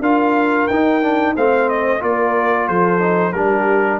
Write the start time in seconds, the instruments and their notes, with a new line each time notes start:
0.00 tuba D4, trombone F4, horn A#4, trumpet F5
0.67 tuba D#4, trombone D#4, trumpet G5
1.02 trombone D4
1.34 tuba A3, trombone C4, horn C5, trumpet F5
1.69 trumpet D#5
2.00 tuba A#3, trombone F4, horn A#4, trumpet D5
2.67 tuba F3, horn A4, trumpet C5
2.99 trombone D#4
3.32 tuba G3, trombone D4, horn G4, trumpet A#4